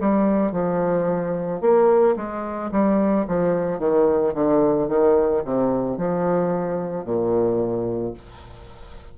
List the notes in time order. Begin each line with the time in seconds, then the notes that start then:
0.00 G3
0.52 F3
1.61 A#3
2.16 G#3
2.71 G3
3.27 F3
3.79 D#3
4.34 D3
4.88 D#3
5.44 C3
5.98 F3
7.04 A#2